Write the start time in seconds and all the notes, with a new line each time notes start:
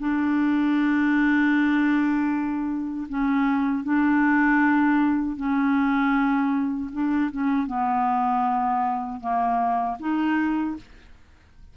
0.00 D4
3.09 C#4
3.84 D4
5.37 C#4
6.93 D4
7.32 C#4
7.67 B3
9.21 A#3
10.00 D#4